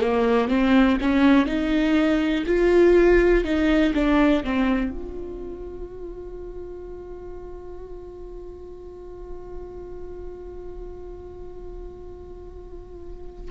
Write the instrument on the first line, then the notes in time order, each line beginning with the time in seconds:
viola
0.00 A#3
0.48 C4
1.01 C#4
1.46 D#4
2.46 F4
3.44 D#4
3.94 D4
4.44 C4
4.90 F4